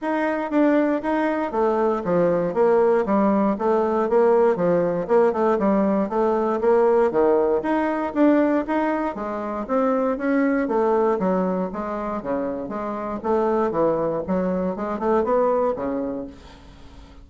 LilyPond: \new Staff \with { instrumentName = "bassoon" } { \time 4/4 \tempo 4 = 118 dis'4 d'4 dis'4 a4 | f4 ais4 g4 a4 | ais4 f4 ais8 a8 g4 | a4 ais4 dis4 dis'4 |
d'4 dis'4 gis4 c'4 | cis'4 a4 fis4 gis4 | cis4 gis4 a4 e4 | fis4 gis8 a8 b4 cis4 | }